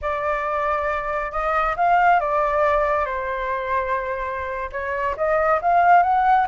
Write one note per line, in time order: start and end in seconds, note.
0.01 1.31 D5
1.31 1.75 D#5
1.76 2.19 F5
2.19 3.05 D5
3.05 4.69 C5
4.72 5.15 C#5
5.16 5.60 D#5
5.61 6.02 F5
6.02 6.46 F#5